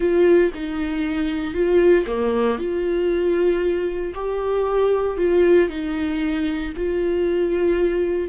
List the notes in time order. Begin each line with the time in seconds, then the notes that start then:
0.00 F4
0.54 D#4
1.54 F4
2.06 A#3
2.58 F4
4.14 G4
5.17 F4
5.69 D#4
6.76 F4